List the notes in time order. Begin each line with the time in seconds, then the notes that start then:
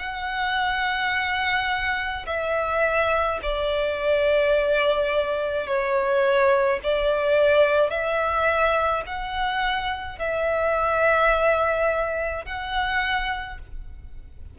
0.00 F#5
2.27 E5
3.43 D5
5.67 C#5
6.84 D5
7.90 E5
9.07 F#5
10.19 E5
12.46 F#5